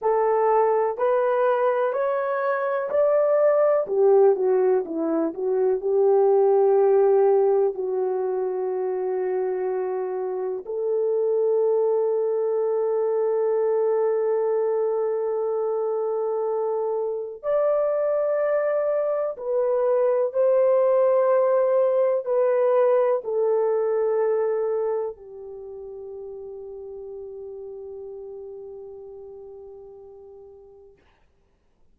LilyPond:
\new Staff \with { instrumentName = "horn" } { \time 4/4 \tempo 4 = 62 a'4 b'4 cis''4 d''4 | g'8 fis'8 e'8 fis'8 g'2 | fis'2. a'4~ | a'1~ |
a'2 d''2 | b'4 c''2 b'4 | a'2 g'2~ | g'1 | }